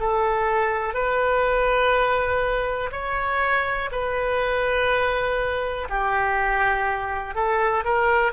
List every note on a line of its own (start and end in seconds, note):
0.00 0.94 A4
0.94 2.91 B4
2.92 3.90 C#5
3.92 5.88 B4
5.89 7.35 G4
7.35 7.84 A4
7.85 8.32 A#4